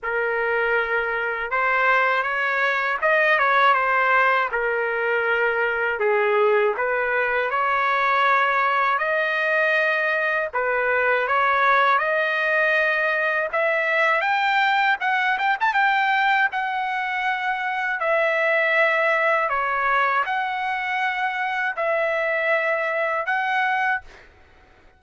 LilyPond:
\new Staff \with { instrumentName = "trumpet" } { \time 4/4 \tempo 4 = 80 ais'2 c''4 cis''4 | dis''8 cis''8 c''4 ais'2 | gis'4 b'4 cis''2 | dis''2 b'4 cis''4 |
dis''2 e''4 g''4 | fis''8 g''16 a''16 g''4 fis''2 | e''2 cis''4 fis''4~ | fis''4 e''2 fis''4 | }